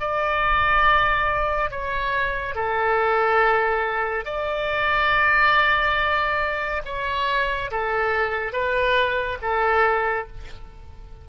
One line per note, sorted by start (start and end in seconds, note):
0.00 1.71 D5
1.71 2.56 C#5
2.56 4.25 A4
4.25 6.83 D5
6.85 7.71 C#5
7.71 8.53 A4
8.53 9.39 B4
9.42 10.28 A4